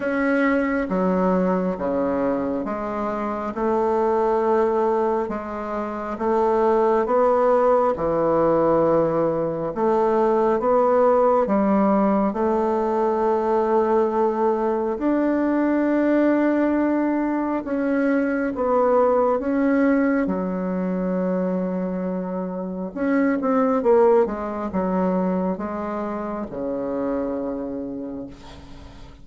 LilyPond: \new Staff \with { instrumentName = "bassoon" } { \time 4/4 \tempo 4 = 68 cis'4 fis4 cis4 gis4 | a2 gis4 a4 | b4 e2 a4 | b4 g4 a2~ |
a4 d'2. | cis'4 b4 cis'4 fis4~ | fis2 cis'8 c'8 ais8 gis8 | fis4 gis4 cis2 | }